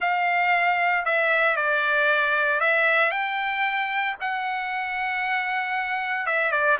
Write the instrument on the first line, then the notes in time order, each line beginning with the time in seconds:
trumpet
0.00 F5
1.05 E5
1.56 D5
2.60 E5
3.11 G5
4.20 F#5
6.26 E5
6.51 D5